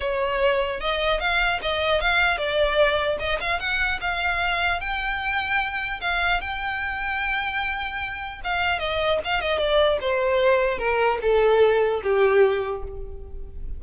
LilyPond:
\new Staff \with { instrumentName = "violin" } { \time 4/4 \tempo 4 = 150 cis''2 dis''4 f''4 | dis''4 f''4 d''2 | dis''8 f''8 fis''4 f''2 | g''2. f''4 |
g''1~ | g''4 f''4 dis''4 f''8 dis''8 | d''4 c''2 ais'4 | a'2 g'2 | }